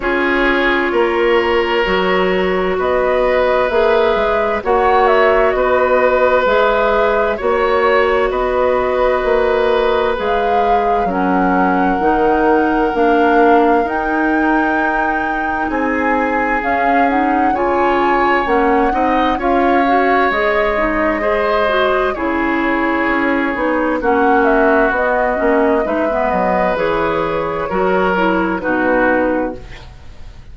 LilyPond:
<<
  \new Staff \with { instrumentName = "flute" } { \time 4/4 \tempo 4 = 65 cis''2. dis''4 | e''4 fis''8 e''8 dis''4 e''4 | cis''4 dis''2 f''4 | fis''2 f''4 g''4~ |
g''4 gis''4 f''8 fis''8 gis''4 | fis''4 f''4 dis''2 | cis''2 fis''8 e''8 dis''4 | e''8 dis''8 cis''2 b'4 | }
  \new Staff \with { instrumentName = "oboe" } { \time 4/4 gis'4 ais'2 b'4~ | b'4 cis''4 b'2 | cis''4 b'2. | ais'1~ |
ais'4 gis'2 cis''4~ | cis''8 dis''8 cis''2 c''4 | gis'2 fis'2 | b'2 ais'4 fis'4 | }
  \new Staff \with { instrumentName = "clarinet" } { \time 4/4 f'2 fis'2 | gis'4 fis'2 gis'4 | fis'2. gis'4 | cis'4 dis'4 d'4 dis'4~ |
dis'2 cis'8 dis'8 f'4 | cis'8 dis'8 f'8 fis'8 gis'8 dis'8 gis'8 fis'8 | e'4. dis'8 cis'4 b8 cis'8 | dis'16 b8. gis'4 fis'8 e'8 dis'4 | }
  \new Staff \with { instrumentName = "bassoon" } { \time 4/4 cis'4 ais4 fis4 b4 | ais8 gis8 ais4 b4 gis4 | ais4 b4 ais4 gis4 | fis4 dis4 ais4 dis'4~ |
dis'4 c'4 cis'4 cis4 | ais8 c'8 cis'4 gis2 | cis4 cis'8 b8 ais4 b8 ais8 | gis8 fis8 e4 fis4 b,4 | }
>>